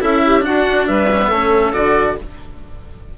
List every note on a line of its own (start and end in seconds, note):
0.00 0.45 C#4
0.00 0.40 E4
0.00 0.22 A4
0.00 0.45 E5
0.25 0.45 G4
0.40 1.06 D4
0.40 0.89 D4
0.40 0.88 F#4
0.40 0.87 F#5
0.87 1.30 G3
0.87 1.28 B4
0.87 1.73 E5
1.12 1.21 C#4
1.21 1.31 B3
1.28 1.73 A3
1.28 1.72 C#4
1.28 2.15 A4
1.72 2.18 D3
1.72 2.16 F#4
1.72 2.16 D5